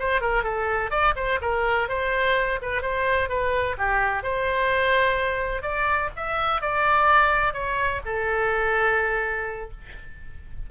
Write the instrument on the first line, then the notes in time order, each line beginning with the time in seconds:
oboe
0.00 C5
0.21 A#4
0.44 A4
0.91 D5
1.16 C5
1.42 A#4
1.89 C5
2.62 B4
2.82 C5
3.29 B4
3.78 G4
4.23 C5
5.63 D5
6.17 E5
6.62 D5
7.54 C#5
8.06 A4